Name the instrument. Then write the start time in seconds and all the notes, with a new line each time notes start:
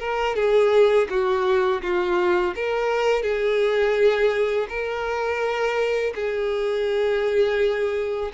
violin
0.00 A#4
0.36 G#4
1.10 F#4
1.83 F4
2.56 A#4
3.23 G#4
4.69 A#4
6.15 G#4